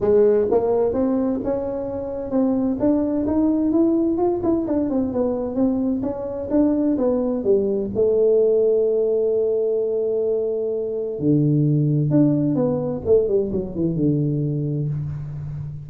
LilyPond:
\new Staff \with { instrumentName = "tuba" } { \time 4/4 \tempo 4 = 129 gis4 ais4 c'4 cis'4~ | cis'4 c'4 d'4 dis'4 | e'4 f'8 e'8 d'8 c'8 b4 | c'4 cis'4 d'4 b4 |
g4 a2.~ | a1 | d2 d'4 b4 | a8 g8 fis8 e8 d2 | }